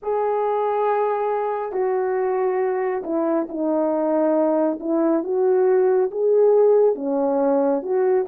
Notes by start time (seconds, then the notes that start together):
0.02 G#4
1.72 F#4
3.04 E4
3.48 D#4
4.79 E4
5.23 F#4
6.11 G#4
6.95 C#4
7.82 F#4